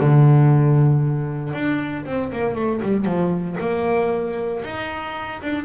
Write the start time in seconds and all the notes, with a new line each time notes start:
0.00 D3
1.53 D4
2.05 C4
2.32 A#3
2.55 A3
2.82 G3
3.05 F3
3.59 A#3
4.63 D#4
5.42 D4